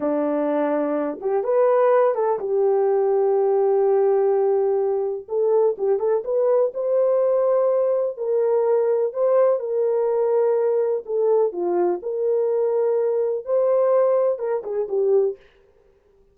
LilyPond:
\new Staff \with { instrumentName = "horn" } { \time 4/4 \tempo 4 = 125 d'2~ d'8 g'8 b'4~ | b'8 a'8 g'2.~ | g'2. a'4 | g'8 a'8 b'4 c''2~ |
c''4 ais'2 c''4 | ais'2. a'4 | f'4 ais'2. | c''2 ais'8 gis'8 g'4 | }